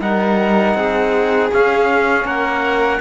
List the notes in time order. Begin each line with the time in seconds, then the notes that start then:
0.00 G3 D#4 A#4 F#5
0.75 C4 G#4
1.53 C#4 F5
2.24 A#3 A#4 F#5